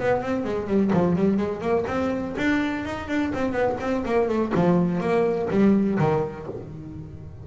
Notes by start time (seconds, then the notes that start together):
0.00 B3
0.22 C4
0.45 G#3
0.68 G3
0.93 F3
1.17 G3
1.38 G#3
1.62 A#3
1.88 C4
2.38 D4
2.86 D#4
3.09 D4
3.34 C4
3.53 B3
3.81 C4
4.06 A#3
4.29 A3
4.55 F3
5.01 A#3
5.51 G3
5.99 D#3